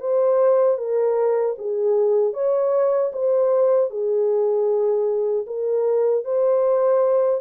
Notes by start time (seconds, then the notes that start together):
0.00 C5
0.78 A#4
1.59 G#4
2.34 C#5
3.13 C5
3.90 G#4
5.47 A#4
6.25 C5